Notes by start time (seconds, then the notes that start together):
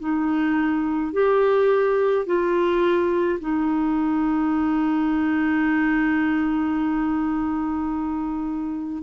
0.00 D#4
1.13 G4
2.26 F4
3.40 D#4